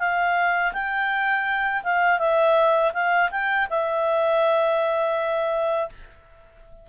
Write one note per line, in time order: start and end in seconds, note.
0.00 0.73 F5
0.74 1.83 G5
1.84 2.20 F5
2.20 2.93 E5
2.94 3.31 F5
3.32 3.68 G5
3.70 5.90 E5